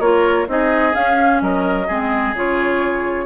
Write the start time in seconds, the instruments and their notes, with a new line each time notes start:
0.00 bassoon A#3, clarinet F4, oboe A#4, flute C#5
0.48 bassoon C4, clarinet D#4, oboe G#4, flute D#5
0.93 clarinet C#4, bassoon C#4, flute F5
1.42 bassoon F#3, oboe A#4, flute D#5
1.88 bassoon G#3, clarinet C4, oboe G#4
2.34 bassoon C#3, clarinet F4, flute C#5